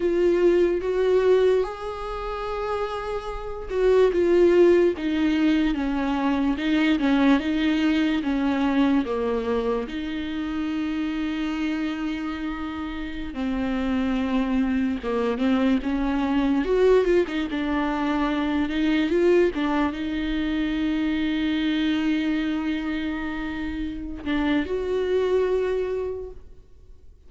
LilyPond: \new Staff \with { instrumentName = "viola" } { \time 4/4 \tempo 4 = 73 f'4 fis'4 gis'2~ | gis'8 fis'8 f'4 dis'4 cis'4 | dis'8 cis'8 dis'4 cis'4 ais4 | dis'1~ |
dis'16 c'2 ais8 c'8 cis'8.~ | cis'16 fis'8 f'16 dis'16 d'4. dis'8 f'8 d'16~ | d'16 dis'2.~ dis'8.~ | dis'4. d'8 fis'2 | }